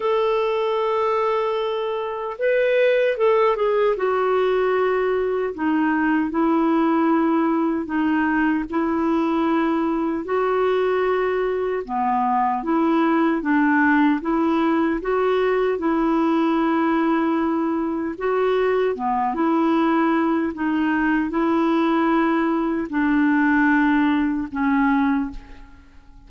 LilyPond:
\new Staff \with { instrumentName = "clarinet" } { \time 4/4 \tempo 4 = 76 a'2. b'4 | a'8 gis'8 fis'2 dis'4 | e'2 dis'4 e'4~ | e'4 fis'2 b4 |
e'4 d'4 e'4 fis'4 | e'2. fis'4 | b8 e'4. dis'4 e'4~ | e'4 d'2 cis'4 | }